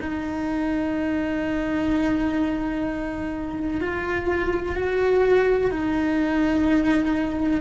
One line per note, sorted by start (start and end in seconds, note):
0.00 3.81 D#4
3.81 4.76 F4
4.76 5.71 F#4
5.71 7.61 D#4